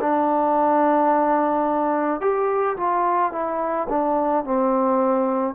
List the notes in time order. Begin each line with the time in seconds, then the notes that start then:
0.00 D4
2.20 G4
2.76 F4
3.32 E4
3.89 D4
4.44 C4